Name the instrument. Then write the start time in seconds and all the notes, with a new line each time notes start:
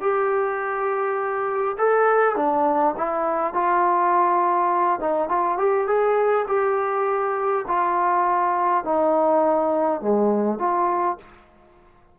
trombone
0.00 G4
1.78 A4
2.36 D4
2.97 E4
3.53 F4
4.99 D#4
5.28 F4
5.57 G4
5.87 G#4
6.47 G4
7.67 F4
8.84 D#4
10.01 G#3
10.58 F4